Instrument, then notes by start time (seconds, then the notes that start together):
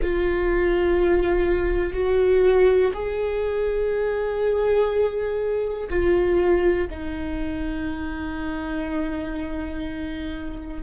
viola
0.01 F4
1.93 F#4
2.93 G#4
5.89 F4
6.90 D#4